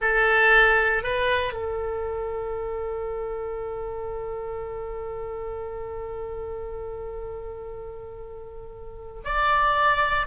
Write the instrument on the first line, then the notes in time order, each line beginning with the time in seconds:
oboe
0.01 A4
1.03 B4
1.53 A4
9.24 D5